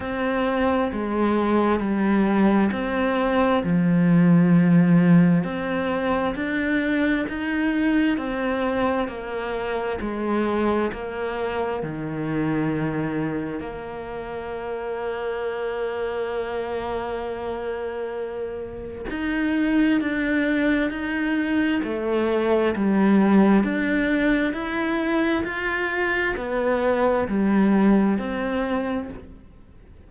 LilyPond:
\new Staff \with { instrumentName = "cello" } { \time 4/4 \tempo 4 = 66 c'4 gis4 g4 c'4 | f2 c'4 d'4 | dis'4 c'4 ais4 gis4 | ais4 dis2 ais4~ |
ais1~ | ais4 dis'4 d'4 dis'4 | a4 g4 d'4 e'4 | f'4 b4 g4 c'4 | }